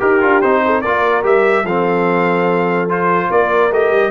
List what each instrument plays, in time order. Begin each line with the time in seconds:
0.00 tuba D#4, trombone G4, horn G4, trumpet A#4
0.22 tuba D4, trombone F4
0.42 tuba C4, trombone D#4, trumpet C5
0.65 horn A4
0.82 tuba A#3, trombone F4, horn A#4, trumpet D5
1.24 tuba G3, trombone G4, trumpet E5
1.64 tuba F3, trombone C4, horn A4, trumpet F5
2.89 trombone F4, trumpet C5
3.31 tuba A#3, horn A#4, trumpet D5
3.71 tuba A3, trombone G4, trumpet D#5
3.91 tuba G3